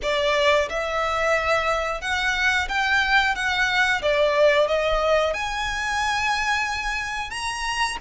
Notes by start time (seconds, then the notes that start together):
0.02 D5
0.69 E5
2.01 F#5
2.68 G5
3.35 F#5
4.02 D5
4.67 D#5
5.33 G#5
7.30 A#5